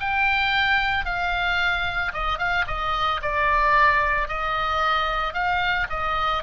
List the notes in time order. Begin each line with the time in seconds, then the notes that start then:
0.00 G5
1.05 F5
2.13 D#5
2.38 F5
2.67 D#5
3.22 D5
4.28 D#5
5.33 F5
5.89 D#5